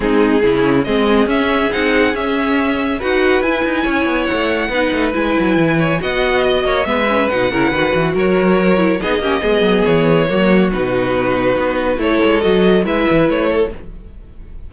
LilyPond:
<<
  \new Staff \with { instrumentName = "violin" } { \time 4/4 \tempo 4 = 140 gis'2 dis''4 e''4 | fis''4 e''2 fis''4 | gis''2 fis''2 | gis''2 fis''4 dis''4 |
e''4 fis''2 cis''4~ | cis''4 dis''2 cis''4~ | cis''4 b'2. | cis''4 dis''4 e''4 cis''4 | }
  \new Staff \with { instrumentName = "violin" } { \time 4/4 dis'4 e'4 gis'2~ | gis'2. b'4~ | b'4 cis''2 b'4~ | b'4. cis''8 dis''4. cis''8 |
b'4. ais'8 b'4 ais'4~ | ais'4 gis'8 g'8 gis'2 | fis'1 | a'2 b'4. a'8 | }
  \new Staff \with { instrumentName = "viola" } { \time 4/4 c'4 cis'4 c'4 cis'4 | dis'4 cis'2 fis'4 | e'2. dis'4 | e'2 fis'2 |
b8 cis'8 dis'8 e'8 fis'2~ | fis'8 e'8 dis'8 cis'8 b2 | ais4 dis'2. | e'4 fis'4 e'2 | }
  \new Staff \with { instrumentName = "cello" } { \time 4/4 gis4 cis4 gis4 cis'4 | c'4 cis'2 dis'4 | e'8 dis'8 cis'8 b8 a4 b8 a8 | gis8 fis8 e4 b4. ais8 |
gis4 b,8 cis8 dis8 e8 fis4~ | fis4 b8 ais8 gis8 fis8 e4 | fis4 b,2 b4 | a8 gis8 fis4 gis8 e8 a4 | }
>>